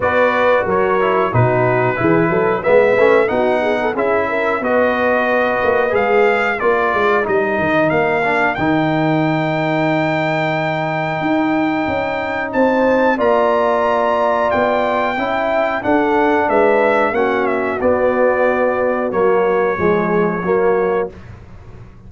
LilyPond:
<<
  \new Staff \with { instrumentName = "trumpet" } { \time 4/4 \tempo 4 = 91 d''4 cis''4 b'2 | e''4 fis''4 e''4 dis''4~ | dis''4 f''4 d''4 dis''4 | f''4 g''2.~ |
g''2. a''4 | ais''2 g''2 | fis''4 e''4 fis''8 e''8 d''4~ | d''4 cis''2. | }
  \new Staff \with { instrumentName = "horn" } { \time 4/4 b'4 ais'4 fis'4 gis'8 a'8 | b'4 fis'8 gis'16 a'16 gis'8 ais'8 b'4~ | b'2 ais'2~ | ais'1~ |
ais'2. c''4 | d''2. e''4 | a'4 b'4 fis'2~ | fis'2 gis'4 fis'4 | }
  \new Staff \with { instrumentName = "trombone" } { \time 4/4 fis'4. e'8 dis'4 e'4 | b8 cis'8 dis'4 e'4 fis'4~ | fis'4 gis'4 f'4 dis'4~ | dis'8 d'8 dis'2.~ |
dis'1 | f'2. e'4 | d'2 cis'4 b4~ | b4 ais4 gis4 ais4 | }
  \new Staff \with { instrumentName = "tuba" } { \time 4/4 b4 fis4 b,4 e8 fis8 | gis8 a8 b4 cis'4 b4~ | b8 ais8 gis4 ais8 gis8 g8 dis8 | ais4 dis2.~ |
dis4 dis'4 cis'4 c'4 | ais2 b4 cis'4 | d'4 gis4 ais4 b4~ | b4 fis4 f4 fis4 | }
>>